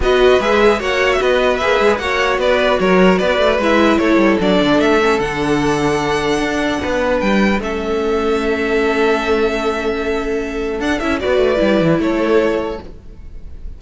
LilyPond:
<<
  \new Staff \with { instrumentName = "violin" } { \time 4/4 \tempo 4 = 150 dis''4 e''4 fis''8. e''16 dis''4 | e''4 fis''4 d''4 cis''4 | d''4 e''4 cis''4 d''4 | e''4 fis''2.~ |
fis''2 g''4 e''4~ | e''1~ | e''2. fis''8 e''8 | d''2 cis''2 | }
  \new Staff \with { instrumentName = "violin" } { \time 4/4 b'2 cis''4 b'4~ | b'4 cis''4 b'4 ais'4 | b'2 a'2~ | a'1~ |
a'4 b'2 a'4~ | a'1~ | a'1 | b'2 a'2 | }
  \new Staff \with { instrumentName = "viola" } { \time 4/4 fis'4 gis'4 fis'2 | gis'4 fis'2.~ | fis'4 e'2 d'4~ | d'8 cis'8 d'2.~ |
d'2. cis'4~ | cis'1~ | cis'2. d'8 e'8 | fis'4 e'2. | }
  \new Staff \with { instrumentName = "cello" } { \time 4/4 b4 gis4 ais4 b4 | ais8 gis8 ais4 b4 fis4 | b8 a8 gis4 a8 g8 fis8 d8 | a4 d2. |
d'4 b4 g4 a4~ | a1~ | a2. d'8 cis'8 | b8 a8 g8 e8 a2 | }
>>